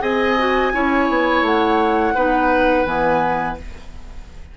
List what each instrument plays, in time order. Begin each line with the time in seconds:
0.00 bassoon C4, clarinet G#4, oboe D#5, flute G#5
0.38 clarinet F#4
0.72 bassoon C#4, clarinet E4, oboe C#5
1.08 bassoon B3
1.41 bassoon A3, flute F#5
2.14 bassoon B3, clarinet D#4, oboe B4
2.85 bassoon E3, clarinet B3, flute G#5